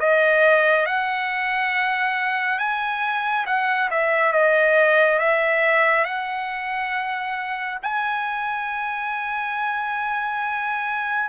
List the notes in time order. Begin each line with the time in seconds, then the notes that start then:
0.00 D#5
0.86 F#5
2.59 G#5
3.46 F#5
3.91 E5
4.33 D#5
5.19 E5
6.05 F#5
7.83 G#5